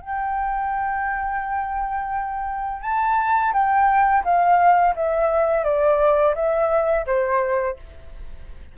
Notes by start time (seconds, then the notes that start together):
0.00 G5
2.82 A5
3.53 G5
4.24 F5
4.95 E5
5.64 D5
6.35 E5
7.06 C5